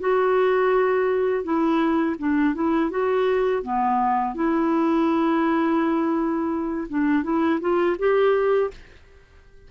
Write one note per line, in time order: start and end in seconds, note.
0.00 1.44 F#4
1.44 2.16 E4
2.19 2.55 D4
2.55 2.90 E4
2.90 3.63 F#4
3.63 4.35 B3
4.35 6.88 E4
6.89 7.24 D4
7.24 7.60 E4
7.61 7.97 F4
7.98 8.71 G4